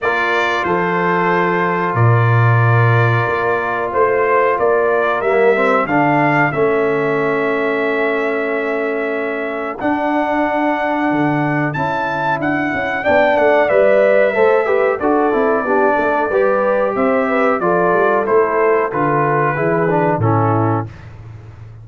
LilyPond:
<<
  \new Staff \with { instrumentName = "trumpet" } { \time 4/4 \tempo 4 = 92 d''4 c''2 d''4~ | d''2 c''4 d''4 | e''4 f''4 e''2~ | e''2. fis''4~ |
fis''2 a''4 fis''4 | g''8 fis''8 e''2 d''4~ | d''2 e''4 d''4 | c''4 b'2 a'4 | }
  \new Staff \with { instrumentName = "horn" } { \time 4/4 ais'4 a'2 ais'4~ | ais'2 c''4 ais'4~ | ais'4 a'2.~ | a'1~ |
a'1 | d''2 c''8 b'8 a'4 | g'8 a'8 b'4 c''8 b'8 a'4~ | a'2 gis'4 e'4 | }
  \new Staff \with { instrumentName = "trombone" } { \time 4/4 f'1~ | f'1 | ais8 c'8 d'4 cis'2~ | cis'2. d'4~ |
d'2 e'2 | d'4 b'4 a'8 g'8 fis'8 e'8 | d'4 g'2 f'4 | e'4 f'4 e'8 d'8 cis'4 | }
  \new Staff \with { instrumentName = "tuba" } { \time 4/4 ais4 f2 ais,4~ | ais,4 ais4 a4 ais4 | g4 d4 a2~ | a2. d'4~ |
d'4 d4 cis'4 d'8 cis'8 | b8 a8 g4 a4 d'8 c'8 | b8 a8 g4 c'4 f8 g8 | a4 d4 e4 a,4 | }
>>